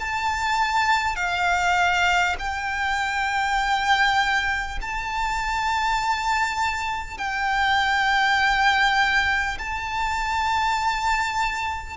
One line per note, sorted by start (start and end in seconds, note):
0.00 1.16 A5
1.16 2.36 F5
2.39 4.79 G5
4.82 7.18 A5
7.18 9.58 G5
9.58 11.97 A5